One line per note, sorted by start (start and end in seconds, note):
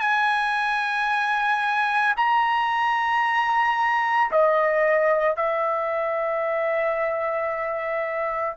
0.00 2.14 G#5
2.16 4.31 A#5
4.31 5.36 D#5
5.36 8.57 E5